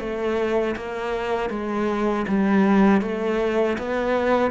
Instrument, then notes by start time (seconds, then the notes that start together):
cello
0.00 A3
0.77 A#3
1.50 G#3
2.28 G3
3.02 A3
3.78 B3